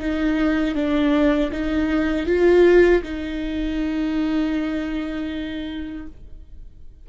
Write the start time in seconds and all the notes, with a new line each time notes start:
0.00 D#4
0.76 D4
1.52 D#4
2.27 F4
3.03 D#4